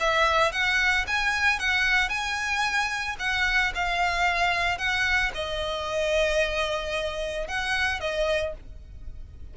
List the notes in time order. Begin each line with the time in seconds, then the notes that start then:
0.00 E5
0.52 F#5
1.07 G#5
1.59 F#5
2.09 G#5
3.19 F#5
3.75 F5
4.78 F#5
5.34 D#5
7.48 F#5
8.00 D#5